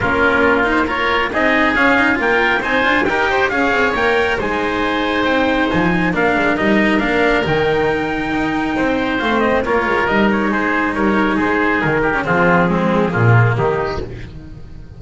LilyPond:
<<
  \new Staff \with { instrumentName = "trumpet" } { \time 4/4 \tempo 4 = 137 ais'4. c''8 cis''4 dis''4 | f''4 g''4 gis''4 g''4 | f''4 g''4 gis''2 | g''4 gis''4 f''4 dis''4 |
f''4 g''2.~ | g''4 f''8 dis''8 cis''4 dis''8 cis''8 | c''4 cis''4 c''4 ais'4 | gis'2. g'4 | }
  \new Staff \with { instrumentName = "oboe" } { \time 4/4 f'2 ais'4 gis'4~ | gis'4 ais'4 c''4 ais'8 c''8 | cis''2 c''2~ | c''2 ais'2~ |
ais'1 | c''2 ais'2 | gis'4 ais'4 gis'4. g'8 | f'4 c'4 f'4 dis'4 | }
  \new Staff \with { instrumentName = "cello" } { \time 4/4 cis'4. dis'8 f'4 dis'4 | cis'8 dis'8 f'4 dis'8 f'8 g'4 | gis'4 ais'4 dis'2~ | dis'2 d'4 dis'4 |
d'4 dis'2.~ | dis'4 c'4 f'4 dis'4~ | dis'2.~ dis'8. cis'16 | c'4 gis4 ais2 | }
  \new Staff \with { instrumentName = "double bass" } { \time 4/4 ais2. c'4 | cis'4 ais4 c'8 d'8 dis'4 | cis'8 c'8 ais4 gis2 | c'4 f4 ais8 gis8 g4 |
ais4 dis2 dis'4 | c'4 a4 ais8 gis8 g4 | gis4 g4 gis4 dis4 | f2 ais,4 dis4 | }
>>